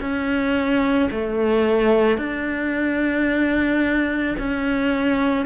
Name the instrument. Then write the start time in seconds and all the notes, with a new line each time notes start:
cello
0.00 C#4
1.11 A3
2.18 D4
4.38 C#4